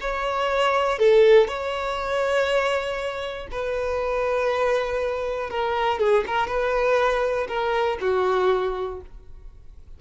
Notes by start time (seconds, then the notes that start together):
0.00 C#5
0.99 A4
1.47 C#5
3.51 B4
5.50 A#4
5.99 G#4
6.26 A#4
6.47 B4
7.48 A#4
8.00 F#4